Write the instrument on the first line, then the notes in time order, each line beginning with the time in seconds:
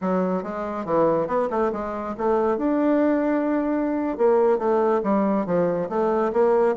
bassoon
0.01 F#3
0.43 G#3
0.85 E3
1.27 B3
1.50 A3
1.72 G#3
2.17 A3
2.57 D4
4.17 A#3
4.58 A3
5.03 G3
5.46 F3
5.89 A3
6.32 A#3